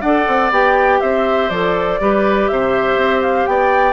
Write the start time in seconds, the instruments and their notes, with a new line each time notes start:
0.00 bassoon D4, clarinet A4, oboe D5, flute F#5
0.27 bassoon C4
0.51 bassoon B3, clarinet G4, flute G5
1.00 bassoon C4, oboe C5, flute E5
1.49 bassoon F3, clarinet A4, flute D5
2.00 bassoon G3, clarinet G4, oboe B4
2.47 bassoon C3, oboe C5, flute E5
2.96 bassoon C4
3.22 flute F5
3.46 bassoon B3, oboe D5, flute G5